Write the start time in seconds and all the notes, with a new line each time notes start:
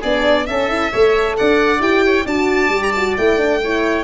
0.00 B3 D4 G#4 D5
0.46 C#4 A4 E5
0.68 E4
0.91 A3 A4 C#5
1.37 D4 D5 F#5
1.79 E4 G4 G5
2.05 C#5
2.25 D4 F#4 D5 A5
2.69 G3 G4
2.83 A#5
2.92 F#4 A5
3.17 A3 E4 G5
3.37 D4
3.63 E4 C#5